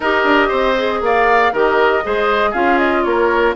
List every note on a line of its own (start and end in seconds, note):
0.00 0.24 D#4
0.00 0.76 G4
0.00 0.48 A#4
0.00 1.02 D#5
0.24 0.49 D4
0.48 1.01 C4
0.48 0.99 C5
0.76 1.52 G#4
1.01 1.52 A#3
1.01 1.52 D5
1.01 1.54 F5
1.52 2.03 D#3
1.52 2.03 G4
1.52 2.03 A#4
1.52 2.53 D#5
2.03 2.53 G#3
2.03 2.53 G#4
2.03 2.50 C5
2.50 3.04 C#4
2.50 3.55 F4
2.50 3.01 G#4
2.50 2.78 F5
2.78 3.03 D#5
3.03 3.55 A#3
3.03 3.55 A#4
3.03 3.54 C#5